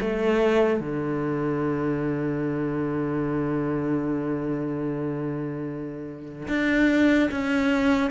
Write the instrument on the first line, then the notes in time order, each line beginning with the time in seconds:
cello
0.00 A3
0.80 D3
6.48 D4
7.31 C#4